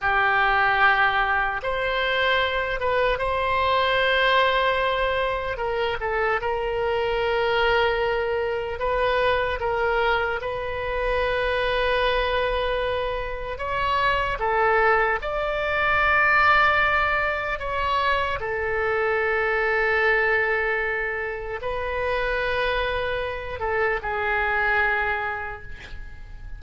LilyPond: \new Staff \with { instrumentName = "oboe" } { \time 4/4 \tempo 4 = 75 g'2 c''4. b'8 | c''2. ais'8 a'8 | ais'2. b'4 | ais'4 b'2.~ |
b'4 cis''4 a'4 d''4~ | d''2 cis''4 a'4~ | a'2. b'4~ | b'4. a'8 gis'2 | }